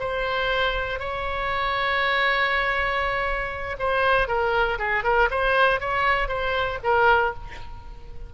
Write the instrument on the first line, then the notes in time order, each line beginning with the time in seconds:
oboe
0.00 C5
0.99 C#5
3.79 C5
4.28 A#4
4.79 G#4
5.04 A#4
5.31 C5
5.81 C#5
6.28 C5
6.84 A#4